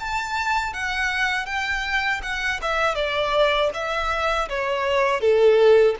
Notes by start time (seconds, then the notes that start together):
0.00 A5
0.74 F#5
1.46 G5
2.23 F#5
2.62 E5
2.95 D5
3.74 E5
4.49 C#5
5.21 A4